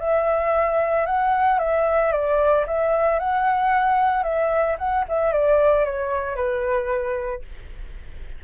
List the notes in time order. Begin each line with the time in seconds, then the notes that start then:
0.00 E5
1.06 F#5
1.59 E5
2.12 D5
2.67 E5
3.19 F#5
4.24 E5
4.79 F#5
5.09 E5
5.33 D5
5.85 C#5
6.36 B4